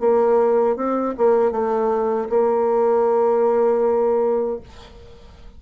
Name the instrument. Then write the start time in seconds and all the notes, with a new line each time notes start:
bassoon
0.00 A#3
0.77 C4
1.17 A#3
1.52 A3
2.30 A#3